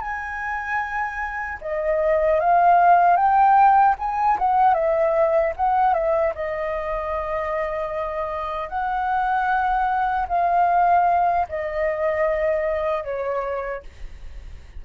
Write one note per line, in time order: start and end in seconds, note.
0.00 1.58 G#5
1.61 2.40 D#5
2.40 3.16 F5
3.16 3.95 G5
3.98 4.38 G#5
4.39 4.74 F#5
4.74 5.53 E5
5.56 5.93 F#5
5.93 6.33 E5
6.34 8.68 D#5
8.68 10.26 F#5
10.28 11.47 F5
11.49 13.04 D#5
13.04 13.83 C#5